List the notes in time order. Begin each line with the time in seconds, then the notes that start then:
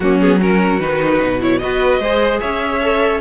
0.00 F#3 A#3 C#4 F#4
0.20 B3 G#4
0.39 C#4 F#4 A#4
0.79 D#3 D#4 B4
1.22 B2
1.40 E4 C#5
1.58 B3 F#4 B4 D#5
1.99 G#3 G#4 C5
2.40 C#4 C#5 E5
2.81 A4